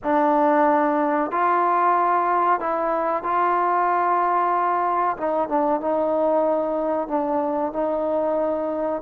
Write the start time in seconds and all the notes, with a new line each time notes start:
0.03 D4
1.31 F4
2.60 E4
3.23 F4
5.17 D#4
5.48 D4
5.80 D#4
7.08 D4
7.72 D#4